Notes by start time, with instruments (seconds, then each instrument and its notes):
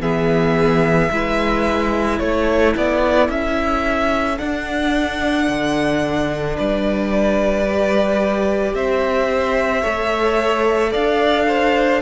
0.00 cello E3, viola B3, violin G#4 E5
1.11 cello G#3, viola E4, violin B4
2.19 cello A3, violin A4 C#5
2.77 cello B3, violin D5
3.29 cello C#4, violin E5
4.37 viola D4, cello D4, violin F#5
5.49 cello D3
6.56 cello G3, violin B4 D5
7.69 viola G4
8.74 cello C4, violin C5 E5
9.81 cello A3, viola A4, violin C#5
10.91 cello D4, violin D5 F5
11.48 violin C5